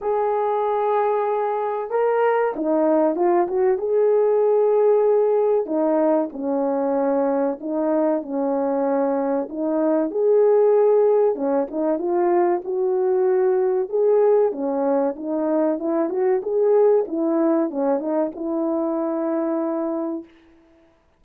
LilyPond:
\new Staff \with { instrumentName = "horn" } { \time 4/4 \tempo 4 = 95 gis'2. ais'4 | dis'4 f'8 fis'8 gis'2~ | gis'4 dis'4 cis'2 | dis'4 cis'2 dis'4 |
gis'2 cis'8 dis'8 f'4 | fis'2 gis'4 cis'4 | dis'4 e'8 fis'8 gis'4 e'4 | cis'8 dis'8 e'2. | }